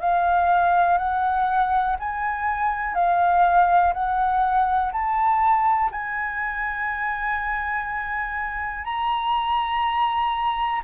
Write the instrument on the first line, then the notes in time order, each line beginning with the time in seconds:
flute
0.00 F5
0.97 F#5
1.99 G#5
2.94 F5
3.93 F#5
4.92 A5
5.91 G#5
8.84 A#5